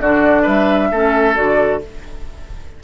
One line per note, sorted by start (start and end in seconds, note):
0.00 0.45 D3
0.00 0.94 D4
0.00 0.43 F#4
0.00 0.46 D5
0.43 0.92 G3
0.43 0.88 B4
0.43 1.36 E5
0.91 1.37 A3
0.91 1.35 C#4
0.91 1.82 A4
1.35 1.84 D3
1.35 1.80 F#4
1.35 1.81 D5